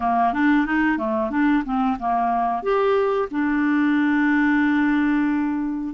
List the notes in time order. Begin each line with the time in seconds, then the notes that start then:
0.00 A#3
0.33 D4
0.66 D#4
0.98 A3
1.30 D4
1.64 C4
1.99 A#3
2.62 G4
3.30 D4